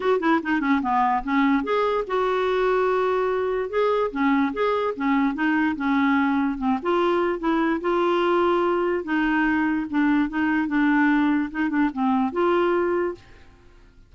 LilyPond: \new Staff \with { instrumentName = "clarinet" } { \time 4/4 \tempo 4 = 146 fis'8 e'8 dis'8 cis'8 b4 cis'4 | gis'4 fis'2.~ | fis'4 gis'4 cis'4 gis'4 | cis'4 dis'4 cis'2 |
c'8 f'4. e'4 f'4~ | f'2 dis'2 | d'4 dis'4 d'2 | dis'8 d'8 c'4 f'2 | }